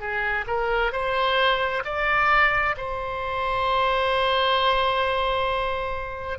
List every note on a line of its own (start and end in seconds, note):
0.00 0.45 G#4
0.48 0.92 A#4
0.92 1.83 C5
1.85 2.76 D5
2.77 6.39 C5